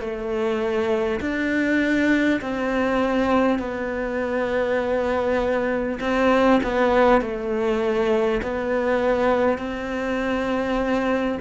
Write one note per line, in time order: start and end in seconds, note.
0.00 1.20 A3
1.21 2.41 D4
2.41 3.59 C4
3.59 5.99 B3
6.01 6.61 C4
6.63 7.22 B3
7.22 8.42 A3
8.43 9.58 B3
9.58 11.38 C4